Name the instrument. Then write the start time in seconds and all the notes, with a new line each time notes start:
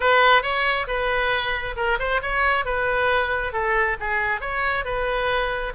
oboe
0.00 B4
0.42 C#5
0.87 B4
1.76 A#4
1.99 C5
2.22 C#5
2.65 B4
3.52 A4
4.00 G#4
4.41 C#5
4.84 B4